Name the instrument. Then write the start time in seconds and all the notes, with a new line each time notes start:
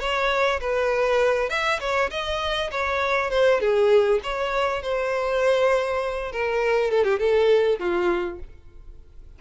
violin
0.00 C#5
0.61 B4
1.49 E5
1.80 C#5
2.11 D#5
2.71 C#5
3.31 C5
3.61 G#4
4.24 C#5
4.83 C5
6.32 A#4
6.91 A4
7.04 G4
7.19 A4
7.79 F4